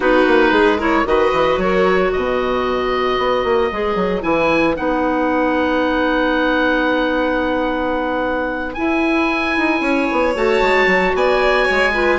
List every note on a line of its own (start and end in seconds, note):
0.00 0.25 B3
0.00 0.78 D#4
0.00 0.52 F#4
0.00 0.81 B4
0.26 0.51 A#3
0.51 1.04 G#3
0.51 0.78 G#4
0.78 1.05 E4
0.78 1.04 A#4
0.78 1.07 C#5
1.05 1.31 D#3
1.05 3.71 F#4
1.05 1.61 B4
1.05 1.59 D#5
1.32 1.57 E3
1.57 2.10 F#3
1.57 2.13 A#4
1.57 2.12 C#5
2.12 3.18 B2
2.12 9.82 B4
2.12 4.22 D#5
3.18 3.43 B3
3.43 3.70 A#3
3.71 3.95 G#3
3.71 4.20 G#4
3.95 4.21 F#3
4.20 4.77 E3
4.20 4.74 E4
4.20 4.75 G#5
4.75 8.76 B3
4.75 8.73 D#4
4.75 8.74 F#5
8.74 10.34 E4
8.74 9.57 E4
8.74 10.33 G#5
9.57 9.80 D#4
9.80 10.06 C#4
9.80 11.14 C#5
10.11 10.35 B3
10.34 10.61 A3
10.34 11.93 F#4
10.34 11.16 A5
10.61 10.86 G#3
10.86 11.12 F#3
11.14 11.67 B3
11.14 11.65 D5
11.14 12.19 G#5
11.65 12.19 G#3
11.65 11.92 C#5
11.93 12.19 F4
11.93 12.19 B4